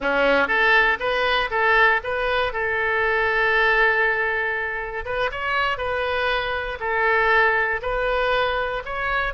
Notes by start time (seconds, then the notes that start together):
0.00 C#4
0.47 A4
0.99 B4
1.50 A4
2.03 B4
2.52 A4
5.05 B4
5.31 C#5
5.77 B4
6.79 A4
7.82 B4
8.85 C#5